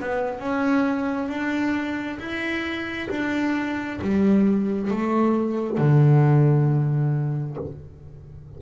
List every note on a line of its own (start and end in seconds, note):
0.00 0.39 B3
0.39 1.28 C#4
1.28 2.18 D4
2.19 3.09 E4
3.10 3.99 D4
4.01 4.91 G3
4.91 5.78 A3
5.78 7.57 D3